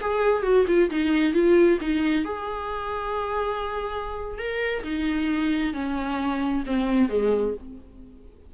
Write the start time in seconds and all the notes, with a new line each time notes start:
0.00 G#4
0.42 F#4
0.67 F4
0.90 D#4
1.33 F4
1.80 D#4
2.24 G#4
4.38 A#4
4.83 D#4
5.73 C#4
6.66 C4
7.09 G#3